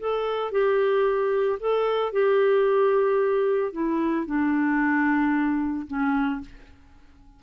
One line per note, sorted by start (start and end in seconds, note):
0.00 0.52 A4
0.52 1.59 G4
1.60 2.12 A4
2.12 3.73 G4
3.73 4.26 E4
4.26 5.87 D4
5.88 6.41 C#4